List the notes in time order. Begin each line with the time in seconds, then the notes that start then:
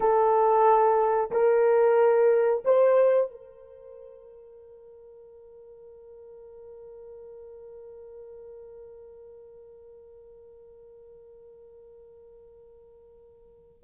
0.00 A4
1.31 A#4
2.64 C5
3.30 A#4